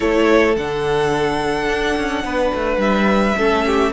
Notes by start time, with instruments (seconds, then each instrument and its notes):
0.00 cello A3, viola E4, violin A4 C#5
0.56 cello D3, viola D4, violin F#5
1.68 cello D4
1.97 cello C#4
2.24 cello B3, violin B4
2.54 cello A3
2.77 cello G3, violin E5
3.37 cello A3, viola C#4, violin A4
3.66 violin G4